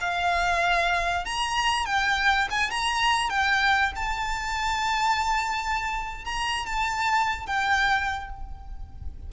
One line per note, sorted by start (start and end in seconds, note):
0.00 1.25 F5
1.25 1.85 A#5
1.85 2.48 G5
2.50 2.70 G#5
2.70 3.29 A#5
3.29 3.92 G5
3.95 6.24 A5
6.24 6.66 A#5
6.66 7.46 A5
7.46 8.29 G5